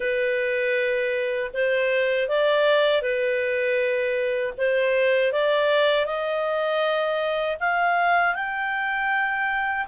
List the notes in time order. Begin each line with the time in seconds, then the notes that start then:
0.00 B4
1.53 C5
2.28 D5
3.01 B4
4.57 C5
5.32 D5
6.05 D#5
7.59 F5
8.34 G5